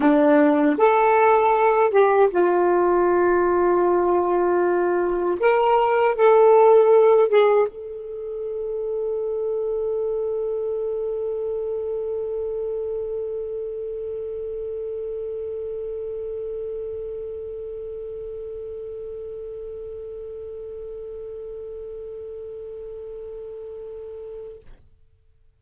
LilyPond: \new Staff \with { instrumentName = "saxophone" } { \time 4/4 \tempo 4 = 78 d'4 a'4. g'8 f'4~ | f'2. ais'4 | a'4. gis'8 a'2~ | a'1~ |
a'1~ | a'1~ | a'1~ | a'1 | }